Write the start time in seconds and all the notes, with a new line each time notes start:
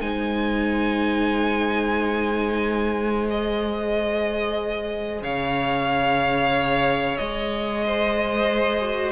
0.00 G#3 D#4 C5 G#5
3.27 G#4 D#5
5.22 C#3 C#5 F5
7.17 G#3 D#5
7.86 C5
8.81 F#4